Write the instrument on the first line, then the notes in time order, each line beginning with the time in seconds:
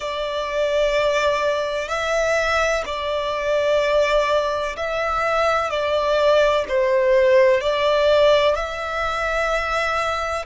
violin
0.00 D5
1.88 E5
2.85 D5
4.76 E5
5.69 D5
6.68 C5
7.60 D5
8.55 E5